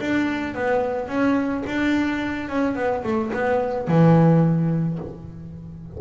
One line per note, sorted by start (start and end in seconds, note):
0.00 0.55 D4
0.55 1.08 B3
1.08 1.64 C#4
1.66 2.49 D4
2.49 2.75 C#4
2.75 3.03 B3
3.04 3.32 A3
3.34 3.88 B3
3.88 4.99 E3